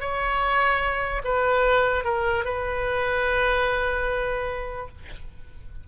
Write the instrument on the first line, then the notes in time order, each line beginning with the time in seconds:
oboe
0.00 C#5
1.24 B4
2.04 A#4
2.44 B4